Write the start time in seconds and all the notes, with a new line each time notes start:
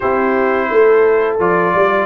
0.00 C4 E4 G4 C5
0.70 A3 A4
1.39 F3 F4 D5
1.75 G3 D5